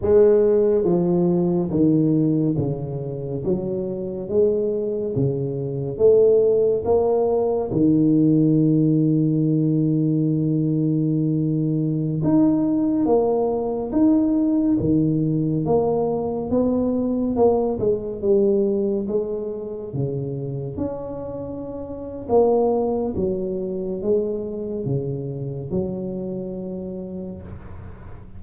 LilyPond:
\new Staff \with { instrumentName = "tuba" } { \time 4/4 \tempo 4 = 70 gis4 f4 dis4 cis4 | fis4 gis4 cis4 a4 | ais4 dis2.~ | dis2~ dis16 dis'4 ais8.~ |
ais16 dis'4 dis4 ais4 b8.~ | b16 ais8 gis8 g4 gis4 cis8.~ | cis16 cis'4.~ cis'16 ais4 fis4 | gis4 cis4 fis2 | }